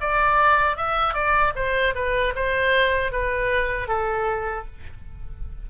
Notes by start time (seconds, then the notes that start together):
0.00 D5
0.76 E5
1.14 D5
1.55 C5
1.94 B4
2.35 C5
3.11 B4
3.87 A4